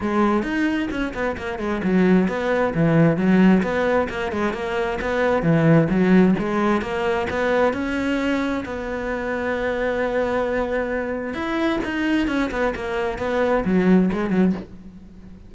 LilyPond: \new Staff \with { instrumentName = "cello" } { \time 4/4 \tempo 4 = 132 gis4 dis'4 cis'8 b8 ais8 gis8 | fis4 b4 e4 fis4 | b4 ais8 gis8 ais4 b4 | e4 fis4 gis4 ais4 |
b4 cis'2 b4~ | b1~ | b4 e'4 dis'4 cis'8 b8 | ais4 b4 fis4 gis8 fis8 | }